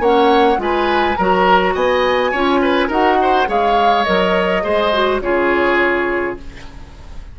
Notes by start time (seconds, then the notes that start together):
0.00 A#3 C#4 C#5 F#5
0.58 G#3 F4 B4 G#5
1.16 F#3 F#4 A#4 A#5
1.74 B3 D#5 G#5
2.31 C#4 F4 C#5
2.62 B4
2.88 D#4 F#4 A#4 F#5
3.22 C5
3.47 G#3 G#4 C#5 F5
4.04 F#3 A#4 D#5
4.63 G#3 G#4 C5
4.93 F#4
5.21 C#3 F4 G#4 C#5